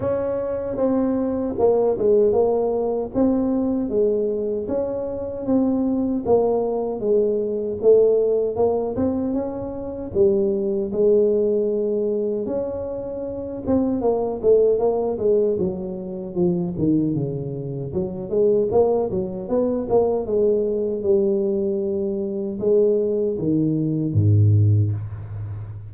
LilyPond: \new Staff \with { instrumentName = "tuba" } { \time 4/4 \tempo 4 = 77 cis'4 c'4 ais8 gis8 ais4 | c'4 gis4 cis'4 c'4 | ais4 gis4 a4 ais8 c'8 | cis'4 g4 gis2 |
cis'4. c'8 ais8 a8 ais8 gis8 | fis4 f8 dis8 cis4 fis8 gis8 | ais8 fis8 b8 ais8 gis4 g4~ | g4 gis4 dis4 gis,4 | }